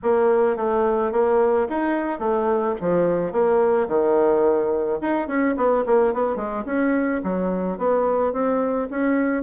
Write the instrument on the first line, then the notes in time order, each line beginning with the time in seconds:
bassoon
0.03 A#3
0.56 A3
1.11 A#3
1.69 D#4
2.19 A3
2.81 F3
3.32 A#3
3.87 D#3
5.01 D#4
5.27 C#4
5.56 B3
5.86 A#3
6.13 B3
6.36 G#3
6.65 C#4
7.23 F#3
7.78 B3
8.32 C4
8.90 C#4